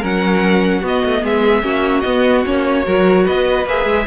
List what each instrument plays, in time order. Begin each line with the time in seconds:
0.00 cello F#3, viola C#4, violin A#4 F#5
0.80 cello B3, viola B3, violin F#4
0.87 violin D#5
1.04 cello A3
1.23 cello G#3, violin G#4 E5
1.62 cello A#3, viola C#4, violin F#4
2.01 cello B3, viola B3, violin D#5
2.45 cello A#3, viola C#4, violin C#5
2.83 cello F#3, viola F#4, violin A#4
3.24 cello B3, violin B4 D#5
3.65 cello A#3, viola G#4, violin E5
3.85 cello G#3